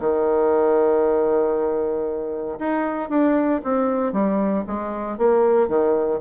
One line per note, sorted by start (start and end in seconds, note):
0.00 2.59 D#3
2.59 3.09 D#4
3.09 3.61 D4
3.64 4.13 C4
4.13 4.64 G3
4.67 5.18 G#3
5.18 5.68 A#3
5.68 6.20 D#3